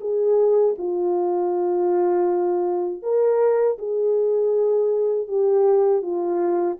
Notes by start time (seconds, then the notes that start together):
0.00 G#4
0.78 F4
3.02 A#4
3.78 G#4
5.27 G4
6.01 F4